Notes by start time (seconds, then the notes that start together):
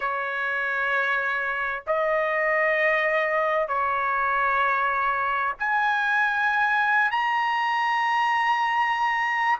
0.00 C#5
1.86 D#5
3.68 C#5
5.59 G#5
7.11 A#5